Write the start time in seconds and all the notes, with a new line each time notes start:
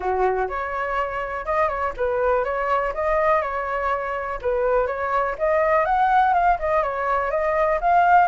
0.00 F#4
0.48 C#5
1.45 D#5
1.68 C#5
1.96 B4
2.44 C#5
2.94 D#5
3.41 C#5
4.41 B4
4.86 C#5
5.38 D#5
5.85 F#5
6.33 F5
6.59 D#5
6.82 C#5
7.31 D#5
7.80 F5